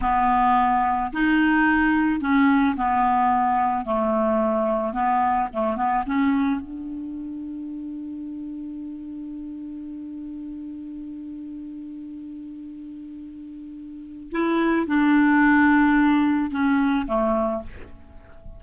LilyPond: \new Staff \with { instrumentName = "clarinet" } { \time 4/4 \tempo 4 = 109 b2 dis'2 | cis'4 b2 a4~ | a4 b4 a8 b8 cis'4 | d'1~ |
d'1~ | d'1~ | d'2 e'4 d'4~ | d'2 cis'4 a4 | }